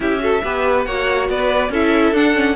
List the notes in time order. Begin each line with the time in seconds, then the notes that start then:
0.00 C#4 E4 G4 E5
0.19 F#4 A4
0.43 B3 G4 B4
0.84 A#3 F#4 C#5 F#5
1.29 B3 B4 D5
1.69 C#4 E4 A4 E5
2.12 D4 F#5
2.33 C#4